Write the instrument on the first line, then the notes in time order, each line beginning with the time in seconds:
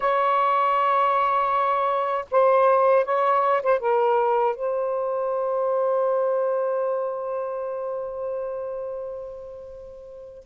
saxophone
0.00 C#5
2.31 C5
3.04 C#5
3.62 C5
3.79 A#4
4.55 C5